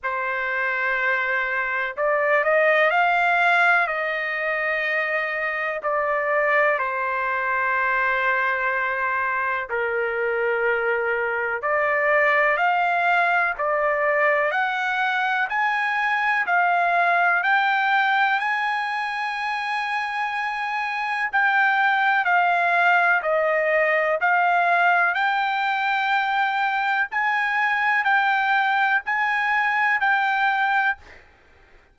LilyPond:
\new Staff \with { instrumentName = "trumpet" } { \time 4/4 \tempo 4 = 62 c''2 d''8 dis''8 f''4 | dis''2 d''4 c''4~ | c''2 ais'2 | d''4 f''4 d''4 fis''4 |
gis''4 f''4 g''4 gis''4~ | gis''2 g''4 f''4 | dis''4 f''4 g''2 | gis''4 g''4 gis''4 g''4 | }